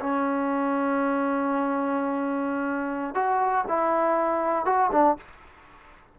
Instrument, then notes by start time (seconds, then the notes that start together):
trombone
0.00 C#4
3.14 F#4
3.68 E4
4.65 F#4
4.92 D4